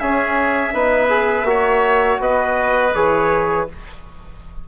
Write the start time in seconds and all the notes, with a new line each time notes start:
0.00 C#4 G#4 E5
0.73 B3 D#4 B4
1.09 G#4
1.44 A#3 F#4 C#5
2.20 B3 B4 D#5
2.95 E3 G#4 C#5